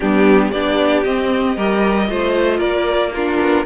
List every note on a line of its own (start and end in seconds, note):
0.00 0.52 G3
0.00 0.53 B3
0.00 0.52 D4
0.00 0.51 G4
0.51 1.04 B3
0.51 1.05 D4
0.51 1.56 G4
0.51 1.03 D5
1.03 1.57 C4
1.03 2.59 D#5
1.56 2.09 G3
1.56 2.07 G4
1.56 2.08 A#4
2.07 2.60 A3
2.07 3.11 F4
2.07 2.57 C5
2.57 3.38 A#3
2.57 3.09 A#4
2.57 3.12 D5
3.13 3.65 D4
3.13 3.65 F4
3.13 3.65 A#4
3.40 3.65 B3